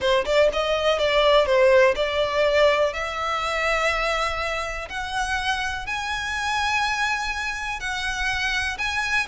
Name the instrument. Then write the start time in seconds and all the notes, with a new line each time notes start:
violin
0.00 C5
0.25 D5
0.53 D#5
0.98 D5
1.45 C5
1.95 D5
2.93 E5
4.89 F#5
5.86 G#5
7.80 F#5
8.78 G#5